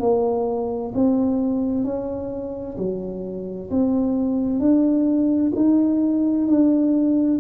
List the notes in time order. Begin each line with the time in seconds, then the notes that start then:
0.00 A#3
0.94 C4
1.85 C#4
2.78 F#3
3.70 C4
4.60 D4
5.56 D#4
6.47 D4